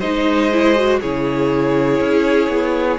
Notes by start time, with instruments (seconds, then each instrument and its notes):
0.00 cello G#3, viola D#4, violin C5 D#5
0.52 viola E4
0.77 viola F#4
1.01 cello C#3, viola E4, violin G#4 C#5
2.01 cello C#4
2.49 cello B3